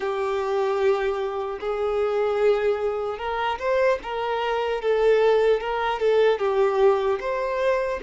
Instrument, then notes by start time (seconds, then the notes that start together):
violin
0.00 G4
1.60 G#4
3.18 A#4
3.58 C5
4.02 A#4
4.81 A4
5.60 A#4
5.99 A4
6.39 G4
7.20 C5